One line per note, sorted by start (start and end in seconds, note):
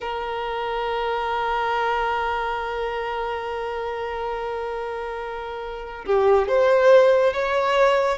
0.00 6.05 A#4
6.05 6.48 G4
6.48 7.33 C5
7.33 8.18 C#5